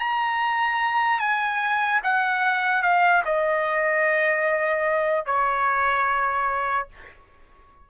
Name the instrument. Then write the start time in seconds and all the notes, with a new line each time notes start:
trumpet
0.00 A#5
1.20 G#5
2.04 F#5
2.83 F5
3.26 D#5
5.26 C#5